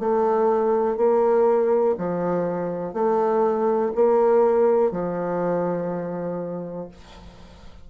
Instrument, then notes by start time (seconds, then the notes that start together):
bassoon
0.00 A3
0.97 A#3
1.98 F3
2.94 A3
3.95 A#3
4.92 F3